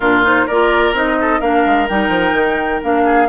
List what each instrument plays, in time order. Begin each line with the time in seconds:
0.00 bassoon A#2, clarinet D4, oboe F4, flute A#4
0.23 clarinet D#4, flute C5
0.46 bassoon A#3, clarinet F4, oboe A#4, flute D5
0.93 bassoon C4, clarinet D#4, flute D#5
1.20 oboe A4
1.40 bassoon A#3, clarinet D4, oboe A#4, flute F5
1.65 bassoon G#3
1.88 bassoon G3, clarinet D#4, flute G5
2.08 bassoon F3
2.33 bassoon D#3
2.82 bassoon A#3, clarinet D4, flute F5
3.04 oboe G#4